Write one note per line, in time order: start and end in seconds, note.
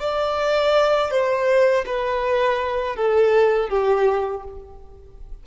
0.00 1.11 D5
1.11 1.85 C5
1.86 2.96 B4
2.96 3.69 A4
3.69 4.43 G4